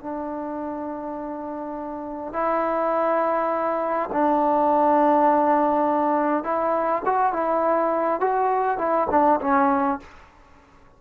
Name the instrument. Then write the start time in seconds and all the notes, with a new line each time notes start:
trombone
0.00 D4
2.33 E4
4.13 D4
6.44 E4
7.05 F#4
7.33 E4
8.21 F#4
8.78 E4
9.11 D4
9.41 C#4